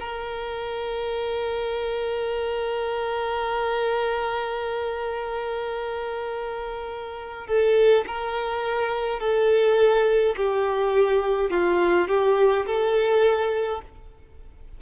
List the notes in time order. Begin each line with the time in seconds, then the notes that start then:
0.00 A#4
7.47 A4
8.07 A#4
9.20 A4
10.36 G4
11.50 F4
12.08 G4
12.66 A4